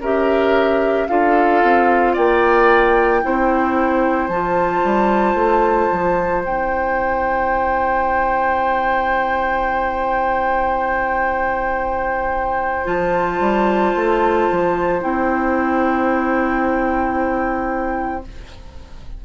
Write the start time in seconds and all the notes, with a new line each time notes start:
0.00 C#4 G4 A#4 E5
1.08 D4 F4 A4 F5
1.63 C4
2.13 A#3 D5 G5
3.22 C4 E4 C5
4.28 F3 F4 A5
4.83 G3
5.35 A3
5.92 F3
6.44 C4 E4 G5
12.84 F3 F4 A5
13.40 G3
13.95 A3
14.51 F3
15.00 C4 E4 G5